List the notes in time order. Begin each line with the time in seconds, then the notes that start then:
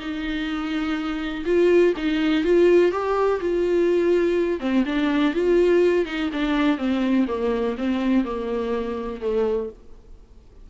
0.00 D#4
1.46 F4
1.97 D#4
2.44 F4
2.92 G4
3.41 F4
4.60 C4
4.86 D4
5.34 F4
6.06 D#4
6.33 D4
6.78 C4
7.28 A#3
7.78 C4
8.25 A#3
9.22 A3